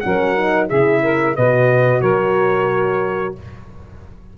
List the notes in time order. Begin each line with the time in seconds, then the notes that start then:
0.00 F#3 C#4 A#4 F#5
0.36 D#4
0.68 C#3 E4 G#4 E5
1.03 A#4
1.36 B2 F#4 B4 D#5
2.01 F#3 A#4 C#5